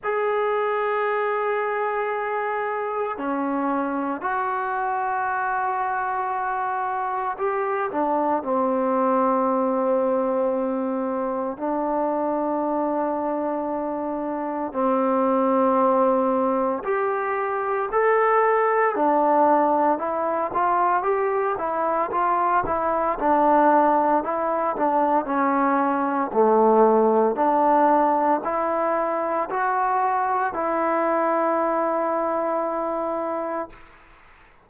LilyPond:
\new Staff \with { instrumentName = "trombone" } { \time 4/4 \tempo 4 = 57 gis'2. cis'4 | fis'2. g'8 d'8 | c'2. d'4~ | d'2 c'2 |
g'4 a'4 d'4 e'8 f'8 | g'8 e'8 f'8 e'8 d'4 e'8 d'8 | cis'4 a4 d'4 e'4 | fis'4 e'2. | }